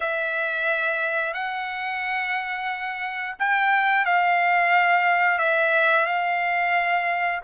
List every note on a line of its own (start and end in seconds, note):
0.00 1.33 E5
1.33 3.35 F#5
3.39 4.04 G5
4.04 5.38 F5
5.38 6.06 E5
6.06 7.41 F5